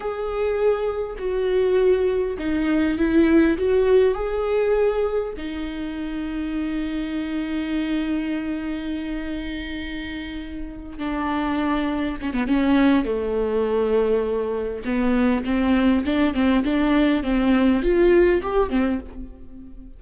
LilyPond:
\new Staff \with { instrumentName = "viola" } { \time 4/4 \tempo 4 = 101 gis'2 fis'2 | dis'4 e'4 fis'4 gis'4~ | gis'4 dis'2.~ | dis'1~ |
dis'2~ dis'8 d'4.~ | d'8 cis'16 b16 cis'4 a2~ | a4 b4 c'4 d'8 c'8 | d'4 c'4 f'4 g'8 c'8 | }